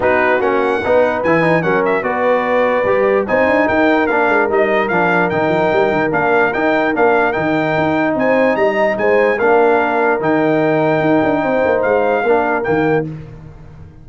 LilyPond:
<<
  \new Staff \with { instrumentName = "trumpet" } { \time 4/4 \tempo 4 = 147 b'4 fis''2 gis''4 | fis''8 e''8 d''2. | gis''4 g''4 f''4 dis''4 | f''4 g''2 f''4 |
g''4 f''4 g''2 | gis''4 ais''4 gis''4 f''4~ | f''4 g''2.~ | g''4 f''2 g''4 | }
  \new Staff \with { instrumentName = "horn" } { \time 4/4 fis'2 b'2 | ais'4 b'2. | c''4 ais'2.~ | ais'1~ |
ais'1 | c''4 dis''4 c''4 ais'4~ | ais'1 | c''2 ais'2 | }
  \new Staff \with { instrumentName = "trombone" } { \time 4/4 dis'4 cis'4 dis'4 e'8 dis'8 | cis'4 fis'2 g'4 | dis'2 d'4 dis'4 | d'4 dis'2 d'4 |
dis'4 d'4 dis'2~ | dis'2. d'4~ | d'4 dis'2.~ | dis'2 d'4 ais4 | }
  \new Staff \with { instrumentName = "tuba" } { \time 4/4 b4 ais4 b4 e4 | fis4 b2 g4 | c'8 d'8 dis'4 ais8 gis8 g4 | f4 dis8 f8 g8 dis8 ais4 |
dis'4 ais4 dis4 dis'4 | c'4 g4 gis4 ais4~ | ais4 dis2 dis'8 d'8 | c'8 ais8 gis4 ais4 dis4 | }
>>